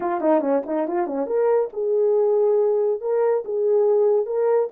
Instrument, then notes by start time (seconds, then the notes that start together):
horn
0.00 F4
0.20 D#4
0.41 C#4
0.66 D#4
0.87 F4
1.06 C#4
1.26 A#4
1.73 G#4
3.00 A#4
3.45 G#4
4.26 A#4